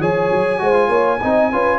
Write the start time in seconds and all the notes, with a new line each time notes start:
0.00 F3 G#4 C#5 G#5
0.31 F#3
0.58 G#3 F#4 C5
0.73 F4
0.89 A#3 C#5
1.21 C4 D#4 D#5
1.52 C#4 F4 B4